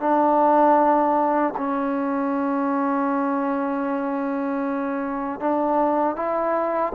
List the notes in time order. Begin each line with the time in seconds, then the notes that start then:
0.00 D4
1.57 C#4
5.40 D4
6.16 E4